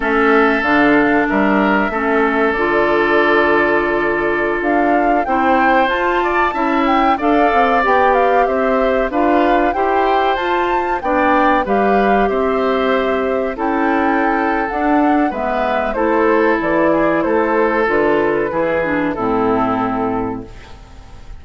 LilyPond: <<
  \new Staff \with { instrumentName = "flute" } { \time 4/4 \tempo 4 = 94 e''4 f''4 e''2 | d''2.~ d''16 f''8.~ | f''16 g''4 a''4. g''8 f''8.~ | f''16 g''8 f''8 e''4 f''4 g''8.~ |
g''16 a''4 g''4 f''4 e''8.~ | e''4~ e''16 g''4.~ g''16 fis''4 | e''4 c''4 d''4 c''4 | b'2 a'2 | }
  \new Staff \with { instrumentName = "oboe" } { \time 4/4 a'2 ais'4 a'4~ | a'1~ | a'16 c''4. d''8 e''4 d''8.~ | d''4~ d''16 c''4 b'4 c''8.~ |
c''4~ c''16 d''4 b'4 c''8.~ | c''4~ c''16 a'2~ a'8. | b'4 a'4. gis'8 a'4~ | a'4 gis'4 e'2 | }
  \new Staff \with { instrumentName = "clarinet" } { \time 4/4 cis'4 d'2 cis'4 | f'1~ | f'16 e'4 f'4 e'4 a'8.~ | a'16 g'2 f'4 g'8.~ |
g'16 f'4 d'4 g'4.~ g'16~ | g'4~ g'16 e'4.~ e'16 d'4 | b4 e'2. | f'4 e'8 d'8 c'2 | }
  \new Staff \with { instrumentName = "bassoon" } { \time 4/4 a4 d4 g4 a4 | d2.~ d16 d'8.~ | d'16 c'4 f'4 cis'4 d'8 c'16~ | c'16 b4 c'4 d'4 e'8.~ |
e'16 f'4 b4 g4 c'8.~ | c'4~ c'16 cis'4.~ cis'16 d'4 | gis4 a4 e4 a4 | d4 e4 a,2 | }
>>